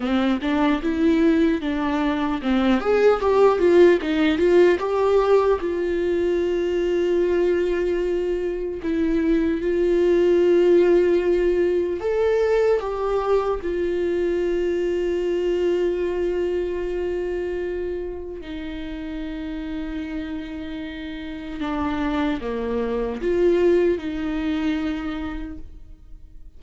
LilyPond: \new Staff \with { instrumentName = "viola" } { \time 4/4 \tempo 4 = 75 c'8 d'8 e'4 d'4 c'8 gis'8 | g'8 f'8 dis'8 f'8 g'4 f'4~ | f'2. e'4 | f'2. a'4 |
g'4 f'2.~ | f'2. dis'4~ | dis'2. d'4 | ais4 f'4 dis'2 | }